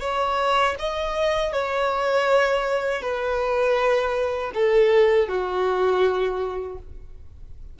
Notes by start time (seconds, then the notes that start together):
0.00 C#5
0.79 D#5
1.52 C#5
3.01 B4
4.54 A4
5.28 F#4